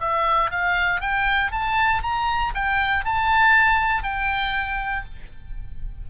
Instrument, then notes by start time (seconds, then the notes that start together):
oboe
0.00 E5
0.51 F5
1.01 G5
1.51 A5
2.02 A#5
2.54 G5
3.04 A5
4.03 G5